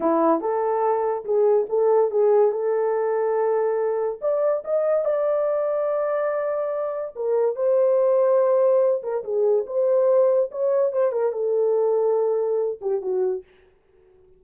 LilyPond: \new Staff \with { instrumentName = "horn" } { \time 4/4 \tempo 4 = 143 e'4 a'2 gis'4 | a'4 gis'4 a'2~ | a'2 d''4 dis''4 | d''1~ |
d''4 ais'4 c''2~ | c''4. ais'8 gis'4 c''4~ | c''4 cis''4 c''8 ais'8 a'4~ | a'2~ a'8 g'8 fis'4 | }